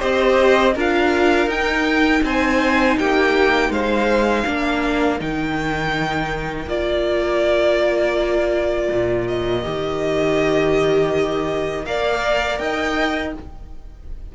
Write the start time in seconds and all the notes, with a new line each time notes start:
0.00 C4 G4 C5 D#5
0.75 D4 F4 A#4 F5
1.47 D#4 G5
2.23 C4 C5 G#5
2.99 A#3 G4 G5
3.70 G#3 C5 F5
4.46 A#3 D4 A#4
5.19 D#3 D#4 G5
6.67 A#3 F4 D5
8.92 A#2
9.28 D#5
9.63 D#3 G4
11.86 A#3 A#4 D5 F5
12.59 D#4 D#5 G5